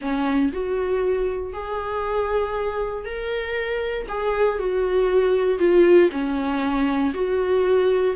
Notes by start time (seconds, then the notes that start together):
0.01 C#4
0.52 F#4
1.53 G#4
3.05 A#4
4.08 G#4
4.58 F#4
5.58 F4
6.11 C#4
7.13 F#4